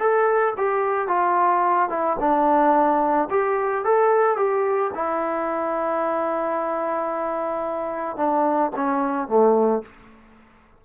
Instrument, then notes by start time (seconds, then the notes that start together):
trombone
0.00 A4
0.58 G4
1.08 F4
1.90 E4
2.20 D4
3.30 G4
3.85 A4
4.37 G4
4.95 E4
8.17 D4
8.76 C#4
9.28 A3